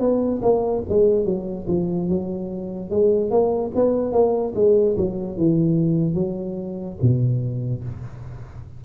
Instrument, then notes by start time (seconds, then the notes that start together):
tuba
0.00 B3
0.42 A#3
0.89 G#3
1.25 F#3
1.67 F3
2.08 F#3
2.90 G#3
3.30 A#3
3.75 B3
4.12 A#3
4.55 G#3
4.97 F#3
5.37 E3
6.14 F#3
7.02 B2